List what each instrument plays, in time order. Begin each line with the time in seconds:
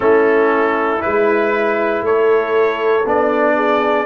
0.00 tuba A3, trombone C#4, horn E4, trumpet A4
0.99 tuba G#3, trombone E4, trumpet B4
2.01 tuba A3, horn A4, trumpet C#5
3.05 tuba B3, trombone D4, trumpet D5
3.55 horn G#4